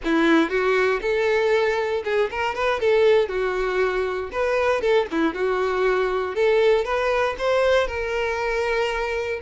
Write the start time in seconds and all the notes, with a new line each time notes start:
0.04 E4
0.49 F#4
1.01 A4
2.04 G#4
2.30 A#4
2.54 B4
2.80 A4
3.28 F#4
4.32 B4
4.81 A4
5.11 E4
5.34 F#4
6.35 A4
6.85 B4
7.38 C5
7.87 A#4